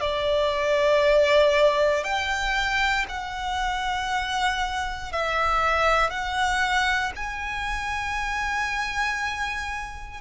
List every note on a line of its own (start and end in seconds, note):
0.00 2.03 D5
2.03 3.05 G5
3.08 5.12 F#5
5.12 6.10 E5
6.10 7.12 F#5
7.16 10.21 G#5